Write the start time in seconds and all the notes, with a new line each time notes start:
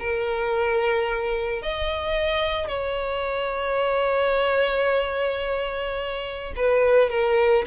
0.00 A#4
1.63 D#5
2.68 C#5
6.57 B4
7.10 A#4